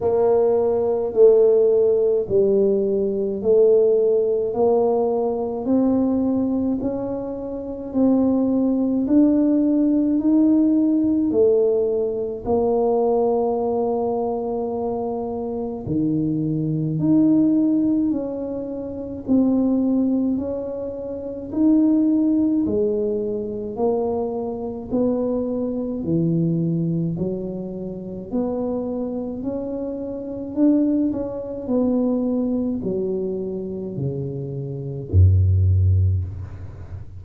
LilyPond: \new Staff \with { instrumentName = "tuba" } { \time 4/4 \tempo 4 = 53 ais4 a4 g4 a4 | ais4 c'4 cis'4 c'4 | d'4 dis'4 a4 ais4~ | ais2 dis4 dis'4 |
cis'4 c'4 cis'4 dis'4 | gis4 ais4 b4 e4 | fis4 b4 cis'4 d'8 cis'8 | b4 fis4 cis4 fis,4 | }